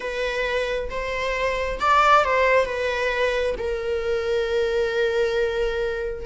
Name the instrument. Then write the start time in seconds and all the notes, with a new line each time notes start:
viola
0.00 B4
0.90 C5
1.80 D5
2.24 C5
2.65 B4
3.58 A#4